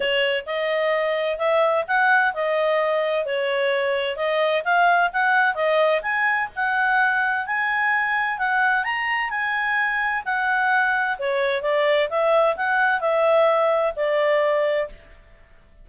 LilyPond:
\new Staff \with { instrumentName = "clarinet" } { \time 4/4 \tempo 4 = 129 cis''4 dis''2 e''4 | fis''4 dis''2 cis''4~ | cis''4 dis''4 f''4 fis''4 | dis''4 gis''4 fis''2 |
gis''2 fis''4 ais''4 | gis''2 fis''2 | cis''4 d''4 e''4 fis''4 | e''2 d''2 | }